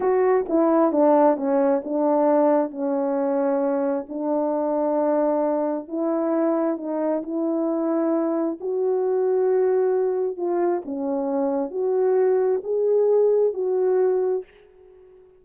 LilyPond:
\new Staff \with { instrumentName = "horn" } { \time 4/4 \tempo 4 = 133 fis'4 e'4 d'4 cis'4 | d'2 cis'2~ | cis'4 d'2.~ | d'4 e'2 dis'4 |
e'2. fis'4~ | fis'2. f'4 | cis'2 fis'2 | gis'2 fis'2 | }